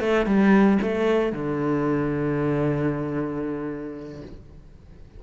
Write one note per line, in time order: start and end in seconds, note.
0.00 0.26 A3
0.26 0.79 G3
0.82 1.33 A3
1.33 4.22 D3